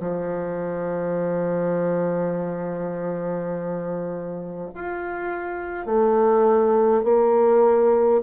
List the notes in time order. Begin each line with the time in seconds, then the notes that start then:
0.00 F3
4.75 F4
5.86 A3
7.04 A#3